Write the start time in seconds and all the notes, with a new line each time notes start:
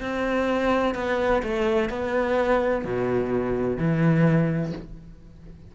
0.00 C4
0.94 B3
1.43 A3
1.89 B3
2.84 B2
3.77 E3